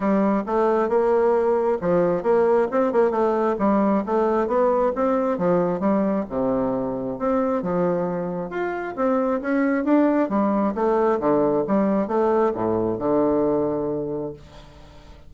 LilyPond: \new Staff \with { instrumentName = "bassoon" } { \time 4/4 \tempo 4 = 134 g4 a4 ais2 | f4 ais4 c'8 ais8 a4 | g4 a4 b4 c'4 | f4 g4 c2 |
c'4 f2 f'4 | c'4 cis'4 d'4 g4 | a4 d4 g4 a4 | a,4 d2. | }